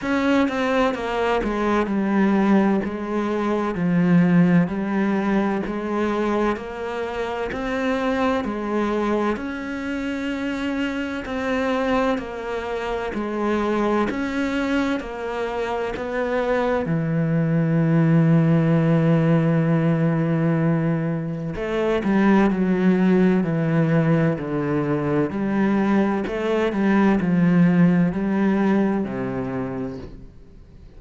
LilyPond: \new Staff \with { instrumentName = "cello" } { \time 4/4 \tempo 4 = 64 cis'8 c'8 ais8 gis8 g4 gis4 | f4 g4 gis4 ais4 | c'4 gis4 cis'2 | c'4 ais4 gis4 cis'4 |
ais4 b4 e2~ | e2. a8 g8 | fis4 e4 d4 g4 | a8 g8 f4 g4 c4 | }